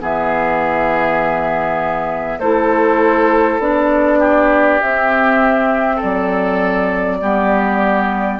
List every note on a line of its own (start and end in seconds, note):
0.00 2.39 E3
0.00 2.40 B3
0.00 2.39 G#4
0.00 2.39 E5
2.39 3.59 A3
2.39 3.60 E4
2.39 4.19 A4
2.39 3.59 C5
3.59 4.79 B3
3.59 4.80 D4
3.59 4.80 D5
4.19 5.96 G4
4.80 6.02 C4
4.80 7.21 C4
4.80 6.00 E5
5.96 7.16 A4
5.96 8.39 D5
6.03 7.21 F#3
7.21 8.39 G3
7.21 8.39 B3
7.21 8.39 G4